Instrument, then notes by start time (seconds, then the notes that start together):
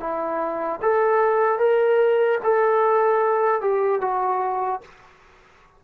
trombone
0.00 E4
0.82 A4
1.59 A#4
2.44 A4
3.61 G4
4.01 F#4